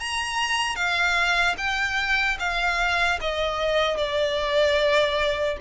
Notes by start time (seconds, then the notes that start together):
0.00 A#5
0.76 F5
1.58 G5
2.39 F5
3.21 D#5
3.97 D5